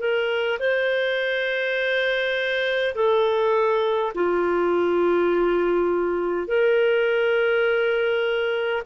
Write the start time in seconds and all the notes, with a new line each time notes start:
0.00 A#4
0.59 C5
2.95 A4
4.15 F4
6.48 A#4